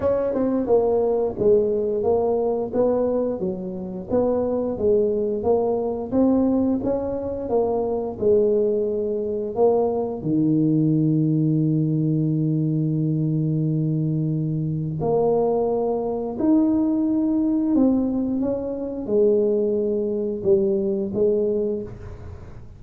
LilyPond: \new Staff \with { instrumentName = "tuba" } { \time 4/4 \tempo 4 = 88 cis'8 c'8 ais4 gis4 ais4 | b4 fis4 b4 gis4 | ais4 c'4 cis'4 ais4 | gis2 ais4 dis4~ |
dis1~ | dis2 ais2 | dis'2 c'4 cis'4 | gis2 g4 gis4 | }